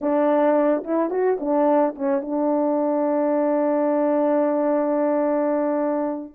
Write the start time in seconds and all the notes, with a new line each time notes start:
0.01 D4
0.84 E4
1.10 F#4
1.39 D4
1.95 C#4
2.21 D4